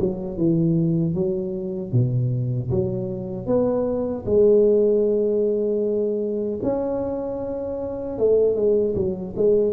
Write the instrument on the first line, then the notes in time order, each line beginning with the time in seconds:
tuba
0.00 F#3
0.38 E3
1.15 F#3
1.93 B2
2.71 F#3
3.47 B3
4.26 G#3
6.63 C#4
8.19 A3
8.56 G#3
8.96 F#3
9.37 G#3